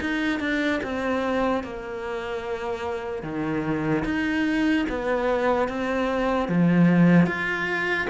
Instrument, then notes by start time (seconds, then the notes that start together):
cello
0.00 D#4
0.40 D4
0.83 C4
1.64 A#3
3.23 D#3
4.05 D#4
4.89 B3
5.68 C4
6.48 F3
7.26 F4